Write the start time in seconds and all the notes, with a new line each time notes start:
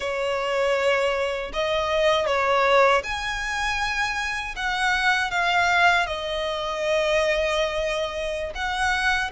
0.00 C#5
1.53 D#5
2.26 C#5
3.03 G#5
4.56 F#5
5.30 F5
6.06 D#5
8.54 F#5